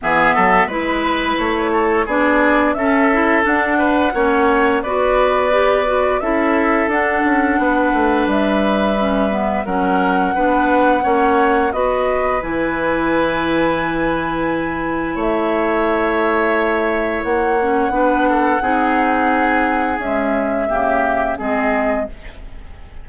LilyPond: <<
  \new Staff \with { instrumentName = "flute" } { \time 4/4 \tempo 4 = 87 e''4 b'4 cis''4 d''4 | e''4 fis''2 d''4~ | d''4 e''4 fis''2 | e''2 fis''2~ |
fis''4 dis''4 gis''2~ | gis''2 e''2~ | e''4 fis''2.~ | fis''4 e''2 dis''4 | }
  \new Staff \with { instrumentName = "oboe" } { \time 4/4 gis'8 a'8 b'4. a'8 gis'4 | a'4. b'8 cis''4 b'4~ | b'4 a'2 b'4~ | b'2 ais'4 b'4 |
cis''4 b'2.~ | b'2 cis''2~ | cis''2 b'8 a'8 gis'4~ | gis'2 g'4 gis'4 | }
  \new Staff \with { instrumentName = "clarinet" } { \time 4/4 b4 e'2 d'4 | cis'8 e'8 d'4 cis'4 fis'4 | g'8 fis'8 e'4 d'2~ | d'4 cis'8 b8 cis'4 d'4 |
cis'4 fis'4 e'2~ | e'1~ | e'4. cis'8 d'4 dis'4~ | dis'4 gis4 ais4 c'4 | }
  \new Staff \with { instrumentName = "bassoon" } { \time 4/4 e8 fis8 gis4 a4 b4 | cis'4 d'4 ais4 b4~ | b4 cis'4 d'8 cis'8 b8 a8 | g2 fis4 b4 |
ais4 b4 e2~ | e2 a2~ | a4 ais4 b4 c'4~ | c'4 cis'4 cis4 gis4 | }
>>